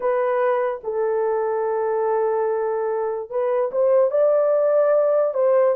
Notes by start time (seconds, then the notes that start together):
0.00 B4
0.83 A4
3.30 B4
3.71 C5
4.11 D5
5.34 C5